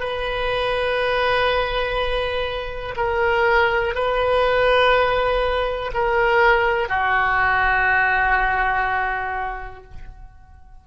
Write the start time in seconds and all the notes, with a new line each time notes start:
0.00 B4
2.96 A#4
3.95 B4
5.94 A#4
6.89 F#4